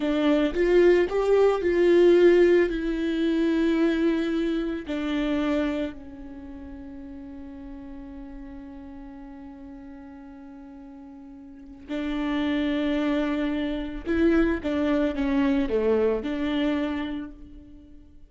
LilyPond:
\new Staff \with { instrumentName = "viola" } { \time 4/4 \tempo 4 = 111 d'4 f'4 g'4 f'4~ | f'4 e'2.~ | e'4 d'2 cis'4~ | cis'1~ |
cis'1~ | cis'2 d'2~ | d'2 e'4 d'4 | cis'4 a4 d'2 | }